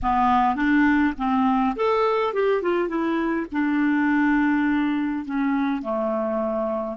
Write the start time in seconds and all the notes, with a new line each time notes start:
0.02 B3
0.55 D4
1.17 C4
1.76 A4
2.33 G4
2.62 F4
2.88 E4
3.52 D4
5.25 C#4
5.82 A3